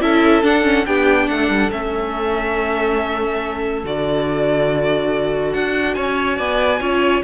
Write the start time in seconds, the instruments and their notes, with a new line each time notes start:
0.00 cello C#4, viola E4, violin A4 E5
0.43 viola D4, cello D4, violin F#5
0.63 viola C#4
0.86 cello B3, viola D4, violin G4 G5
1.28 cello A3, violin A4 F#5
1.49 cello G3
1.71 cello A3, viola C#4, violin E5
3.84 cello D3, viola F#4, violin D5
5.53 cello D4, violin F#5
5.94 cello C#4, violin C#5 G#5
6.37 cello B3, violin D5
6.80 cello C#4, viola F4, violin C#5